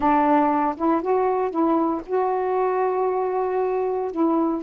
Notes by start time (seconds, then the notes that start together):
0.00 D4
0.76 E4
1.01 F#4
1.50 E4
2.06 F#4
4.11 E4